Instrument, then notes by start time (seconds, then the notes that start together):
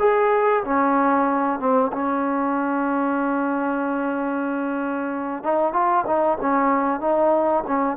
trombone
0.00 G#4
0.64 C#4
1.60 C4
1.93 C#4
5.44 D#4
5.73 F4
6.07 D#4
6.41 C#4
7.00 D#4
7.67 C#4